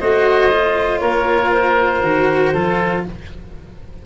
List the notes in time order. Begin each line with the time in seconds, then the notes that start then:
0.00 A3 F#4 C5 D#5
0.51 F4
0.99 A#3 A#4 C#5
1.51 C5
2.02 D#3 F#4
2.53 F3 F4 A4